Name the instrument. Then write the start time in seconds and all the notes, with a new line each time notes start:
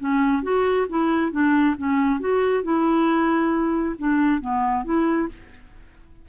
clarinet
0.00 C#4
0.43 F#4
0.90 E4
1.32 D4
1.78 C#4
2.20 F#4
2.64 E4
3.98 D4
4.41 B3
4.84 E4